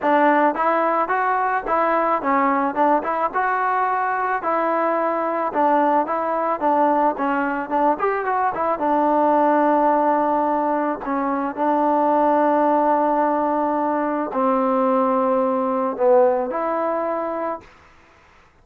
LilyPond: \new Staff \with { instrumentName = "trombone" } { \time 4/4 \tempo 4 = 109 d'4 e'4 fis'4 e'4 | cis'4 d'8 e'8 fis'2 | e'2 d'4 e'4 | d'4 cis'4 d'8 g'8 fis'8 e'8 |
d'1 | cis'4 d'2.~ | d'2 c'2~ | c'4 b4 e'2 | }